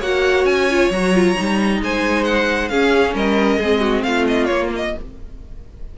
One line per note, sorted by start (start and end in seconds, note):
0.00 0.45 A#3
0.00 0.70 F#4
0.00 1.79 C#5
0.00 0.46 F#5
0.45 0.90 C#4
0.45 0.90 G#5
0.71 0.93 F4
0.91 1.35 F#3
0.91 1.14 F#4
0.91 1.81 A#5
1.14 1.36 F4
1.36 1.82 G3
1.36 2.70 D#4
1.82 2.70 G#3
1.82 2.71 C5
1.82 2.25 G#5
2.25 2.69 F#5
2.69 3.15 C#4
2.69 3.61 C#4
2.69 3.15 G#4
2.69 3.14 F5
3.15 3.60 G3
3.15 3.59 A#4
3.15 4.03 D#5
3.59 4.05 G#3
3.59 4.51 C4
3.59 3.81 G#4
3.81 4.03 F#4
4.03 4.50 A3
4.03 4.97 F4
4.03 4.26 F5
4.28 4.46 D#5
4.46 4.95 A#3
4.46 4.96 A#3
4.46 4.68 C#5
4.76 4.99 D#5